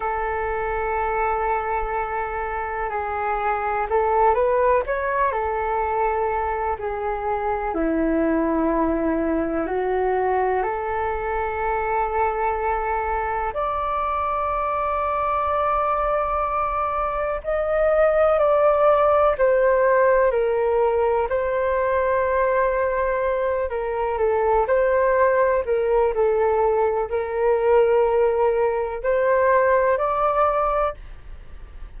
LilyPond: \new Staff \with { instrumentName = "flute" } { \time 4/4 \tempo 4 = 62 a'2. gis'4 | a'8 b'8 cis''8 a'4. gis'4 | e'2 fis'4 a'4~ | a'2 d''2~ |
d''2 dis''4 d''4 | c''4 ais'4 c''2~ | c''8 ais'8 a'8 c''4 ais'8 a'4 | ais'2 c''4 d''4 | }